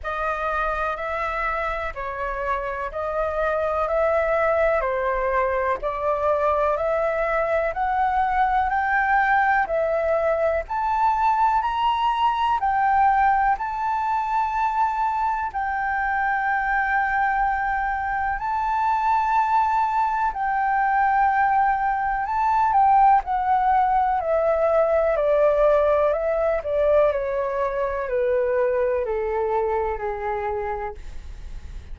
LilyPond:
\new Staff \with { instrumentName = "flute" } { \time 4/4 \tempo 4 = 62 dis''4 e''4 cis''4 dis''4 | e''4 c''4 d''4 e''4 | fis''4 g''4 e''4 a''4 | ais''4 g''4 a''2 |
g''2. a''4~ | a''4 g''2 a''8 g''8 | fis''4 e''4 d''4 e''8 d''8 | cis''4 b'4 a'4 gis'4 | }